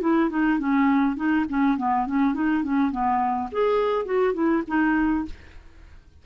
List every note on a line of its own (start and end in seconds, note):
0.00 0.29 E4
0.30 0.59 D#4
0.59 1.16 C#4
1.16 1.45 D#4
1.49 1.77 C#4
1.77 2.06 B3
2.06 2.34 C#4
2.34 2.63 D#4
2.63 2.91 C#4
2.91 3.49 B3
3.52 4.05 G#4
4.05 4.33 F#4
4.33 4.63 E4
4.67 5.25 D#4